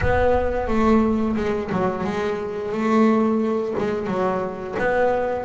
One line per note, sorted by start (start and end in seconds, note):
0.01 0.67 B3
0.67 1.35 A3
1.36 1.70 G#3
1.72 2.03 F#3
2.03 2.71 G#3
2.72 3.74 A3
3.78 4.07 G#3
4.07 4.75 F#3
4.79 5.45 B3